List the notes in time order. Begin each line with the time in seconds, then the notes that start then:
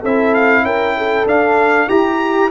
0.00 C4 E4 A4 E5
0.34 F5
0.63 C#4 A#4 G5
0.97 A4
1.25 D4 F5
1.88 E4 G4 A#5